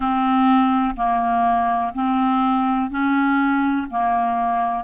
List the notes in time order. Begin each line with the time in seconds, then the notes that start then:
0.00 C4
0.96 A#3
1.94 C4
2.90 C#4
3.90 A#3